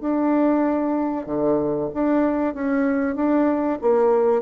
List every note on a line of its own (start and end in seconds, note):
0.00 1.26 D4
1.26 1.89 D3
1.93 2.54 D4
2.54 3.15 C#4
3.15 3.78 D4
3.81 4.42 A#3